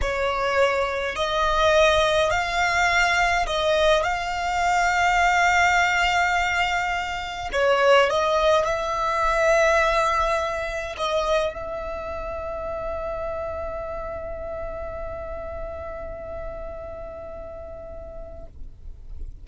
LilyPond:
\new Staff \with { instrumentName = "violin" } { \time 4/4 \tempo 4 = 104 cis''2 dis''2 | f''2 dis''4 f''4~ | f''1~ | f''4 cis''4 dis''4 e''4~ |
e''2. dis''4 | e''1~ | e''1~ | e''1 | }